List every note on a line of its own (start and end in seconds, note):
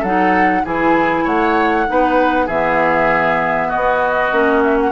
0.00 0.64 F#3
0.00 0.65 D#4
0.00 0.61 A4
0.00 0.65 F#5
0.65 1.26 E3
0.65 1.87 E4
0.65 1.24 G#4
0.65 1.26 G#5
1.24 1.87 A3
1.24 1.85 C#5
1.24 2.48 F#5
1.87 2.48 B3
1.87 2.48 D#4
1.87 2.46 B4
2.46 3.70 E3
2.46 4.32 B3
2.46 3.68 G#4
2.46 3.70 E5
3.68 4.90 F#4
3.68 4.62 D#5
3.75 4.32 B3
4.32 4.92 A#3
4.32 4.92 C#4
4.63 4.78 E5
4.80 4.92 F#5